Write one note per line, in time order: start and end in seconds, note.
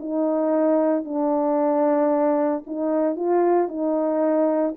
0.00 1.05 D#4
1.05 2.64 D4
2.67 3.16 D#4
3.16 3.69 F4
3.69 4.75 D#4